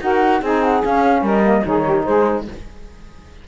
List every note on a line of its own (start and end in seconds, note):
0.00 0.41 D#4
0.00 0.41 F#4
0.00 0.41 A#4
0.00 0.42 F#5
0.41 0.82 C4
0.41 0.82 D#4
0.41 1.22 G#4
0.41 0.62 G#5
0.62 0.83 F#5
0.82 1.42 C#4
0.82 1.21 C#4
0.82 1.25 F5
1.21 1.62 G3
1.21 1.64 A#4
1.21 1.65 D#5
1.42 1.62 A#3
1.64 2.06 D#3
1.64 2.46 D#4
1.64 1.84 G#4
1.64 2.04 C#5
1.84 2.04 G4
2.04 2.47 G#3
2.04 2.46 G#4
2.04 2.45 C5